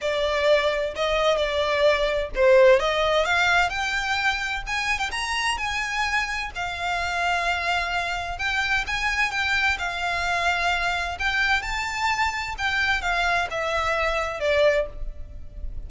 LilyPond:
\new Staff \with { instrumentName = "violin" } { \time 4/4 \tempo 4 = 129 d''2 dis''4 d''4~ | d''4 c''4 dis''4 f''4 | g''2 gis''8. g''16 ais''4 | gis''2 f''2~ |
f''2 g''4 gis''4 | g''4 f''2. | g''4 a''2 g''4 | f''4 e''2 d''4 | }